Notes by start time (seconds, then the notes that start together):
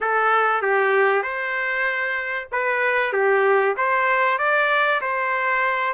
0.00 A4
0.62 G4
1.22 C5
2.51 B4
3.12 G4
3.76 C5
4.38 D5
5.01 C5